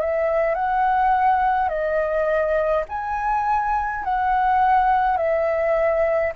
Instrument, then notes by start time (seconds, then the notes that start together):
flute
0.00 E5
0.55 F#5
1.68 D#5
2.88 G#5
4.04 F#5
5.17 E5